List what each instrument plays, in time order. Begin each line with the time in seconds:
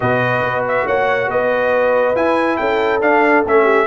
0.00 tuba B2, trombone F#4, horn B4, trumpet D#5
0.44 tuba B3
0.68 trumpet E5
0.85 tuba A#3, horn C#5, trumpet F#5
1.28 tuba B3, horn B4, trumpet D#5
2.15 trombone E4, tuba E4, trumpet G#5
2.56 tuba C#4, horn A4, trumpet G5
3.01 trombone D4, tuba D4, trumpet F5
3.45 tuba A3, trombone C#4, trumpet E5
3.63 horn G4